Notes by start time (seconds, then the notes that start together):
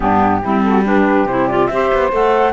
0.00 G2 B3 D4 G4
0.42 G3 C4 E4
0.63 F#4 A4
0.84 D4 G4 B4
1.25 C3 E4 C5
1.47 F4 D5
1.67 C4 G4 E5
1.73 C5
1.93 B3
2.11 A3 A4 F#5